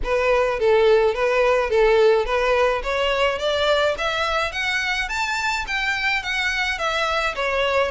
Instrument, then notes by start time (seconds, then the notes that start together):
violin
0.03 B4
0.59 A4
1.14 B4
1.70 A4
2.25 B4
2.83 C#5
3.38 D5
3.98 E5
4.52 F#5
5.08 A5
5.67 G5
6.22 F#5
6.78 E5
7.35 C#5